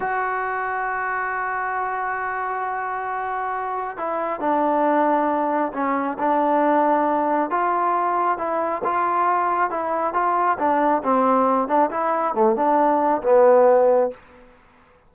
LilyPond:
\new Staff \with { instrumentName = "trombone" } { \time 4/4 \tempo 4 = 136 fis'1~ | fis'1~ | fis'4 e'4 d'2~ | d'4 cis'4 d'2~ |
d'4 f'2 e'4 | f'2 e'4 f'4 | d'4 c'4. d'8 e'4 | a8 d'4. b2 | }